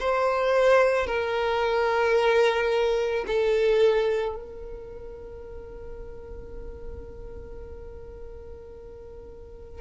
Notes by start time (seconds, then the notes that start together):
0.00 C5
1.07 A#4
3.27 A4
4.36 A#4